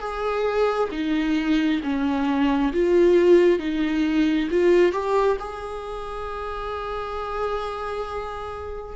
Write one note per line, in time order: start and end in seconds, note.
0.00 0.90 G#4
0.92 1.82 D#4
1.84 2.73 C#4
2.74 3.59 F4
3.59 4.49 D#4
4.51 4.93 F4
4.93 5.37 G4
5.40 8.97 G#4